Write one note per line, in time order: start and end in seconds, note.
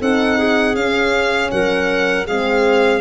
0.00 0.75 C4
0.00 0.77 D#4
0.00 0.38 A4
0.00 0.75 F#5
0.38 1.50 G#4
0.75 1.50 C#4
0.75 2.27 C#4
0.75 1.50 F5
1.51 2.27 F#3
1.51 2.27 A#4
1.51 2.26 F#5
2.27 3.01 G#3
2.27 3.01 C4
2.27 3.01 G#4
2.27 3.01 F5